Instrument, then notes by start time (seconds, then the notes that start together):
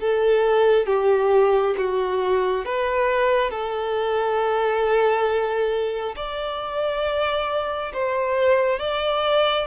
violin
0.00 A4
0.86 G4
1.77 F#4
2.65 B4
3.50 A4
6.16 D5
7.93 C5
8.79 D5